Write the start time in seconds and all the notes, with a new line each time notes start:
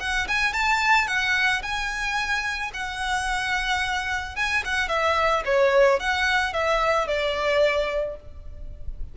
0.00 F#5
0.28 G#5
0.53 A5
1.07 F#5
1.62 G#5
2.73 F#5
4.36 G#5
4.65 F#5
4.88 E5
5.45 C#5
6.00 F#5
6.53 E5
7.07 D5